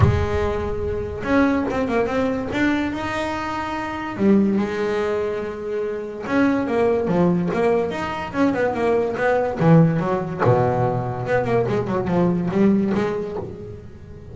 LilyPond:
\new Staff \with { instrumentName = "double bass" } { \time 4/4 \tempo 4 = 144 gis2. cis'4 | c'8 ais8 c'4 d'4 dis'4~ | dis'2 g4 gis4~ | gis2. cis'4 |
ais4 f4 ais4 dis'4 | cis'8 b8 ais4 b4 e4 | fis4 b,2 b8 ais8 | gis8 fis8 f4 g4 gis4 | }